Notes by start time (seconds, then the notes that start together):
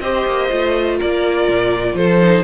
0.00 C4 G4 C5 D#5
0.26 A#3
0.50 A3 F4
0.98 A#3 A#4 D5
1.48 A#2
1.94 F3 A4 C5
2.21 D#4